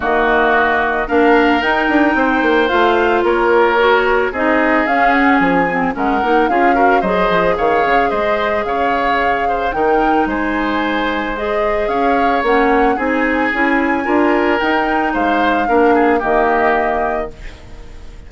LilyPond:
<<
  \new Staff \with { instrumentName = "flute" } { \time 4/4 \tempo 4 = 111 dis''2 f''4 g''4~ | g''4 f''4 cis''2 | dis''4 f''8 fis''8 gis''4 fis''4 | f''4 dis''4 f''4 dis''4 |
f''2 g''4 gis''4~ | gis''4 dis''4 f''4 fis''4 | gis''2. g''4 | f''2 dis''2 | }
  \new Staff \with { instrumentName = "oboe" } { \time 4/4 fis'2 ais'2 | c''2 ais'2 | gis'2. ais'4 | gis'8 ais'8 c''4 cis''4 c''4 |
cis''4. c''8 ais'4 c''4~ | c''2 cis''2 | gis'2 ais'2 | c''4 ais'8 gis'8 g'2 | }
  \new Staff \with { instrumentName = "clarinet" } { \time 4/4 ais2 d'4 dis'4~ | dis'4 f'2 fis'4 | dis'4 cis'4. c'8 cis'8 dis'8 | f'8 fis'8 gis'2.~ |
gis'2 dis'2~ | dis'4 gis'2 cis'4 | dis'4 e'4 f'4 dis'4~ | dis'4 d'4 ais2 | }
  \new Staff \with { instrumentName = "bassoon" } { \time 4/4 dis2 ais4 dis'8 d'8 | c'8 ais8 a4 ais2 | c'4 cis'4 f4 gis8 ais8 | cis'4 fis8 f8 dis8 cis8 gis4 |
cis2 dis4 gis4~ | gis2 cis'4 ais4 | c'4 cis'4 d'4 dis'4 | gis4 ais4 dis2 | }
>>